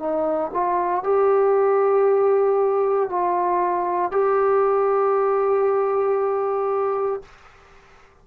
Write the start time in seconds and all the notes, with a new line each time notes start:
0.00 D#4
0.54 F4
1.03 G4
3.10 F4
4.12 G4